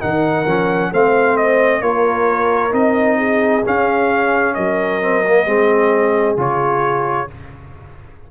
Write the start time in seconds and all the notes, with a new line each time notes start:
0.00 D#3 D#4 A#4 F#5
0.46 F3 C#4
0.92 A3 C4 C5 F5
1.37 D#5
1.82 A#3 F4 A#4 C#5
2.71 C4 D#4 D#5
3.18 G#4
3.66 C#4 F5
4.54 F#3 A#4 D#5
5.02 C4
5.27 A#3
5.46 G#3 C4 G#4
6.37 C#3 F4 C#5